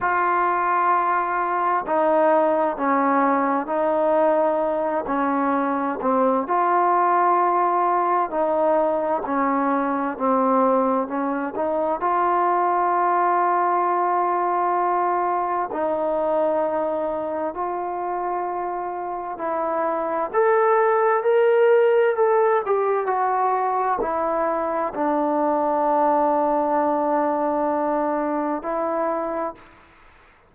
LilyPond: \new Staff \with { instrumentName = "trombone" } { \time 4/4 \tempo 4 = 65 f'2 dis'4 cis'4 | dis'4. cis'4 c'8 f'4~ | f'4 dis'4 cis'4 c'4 | cis'8 dis'8 f'2.~ |
f'4 dis'2 f'4~ | f'4 e'4 a'4 ais'4 | a'8 g'8 fis'4 e'4 d'4~ | d'2. e'4 | }